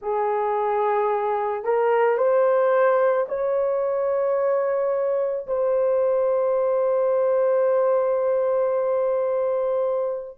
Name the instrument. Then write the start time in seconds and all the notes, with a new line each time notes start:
horn
0.01 G#4
1.64 A#4
2.17 C5
3.28 C#5
5.46 C5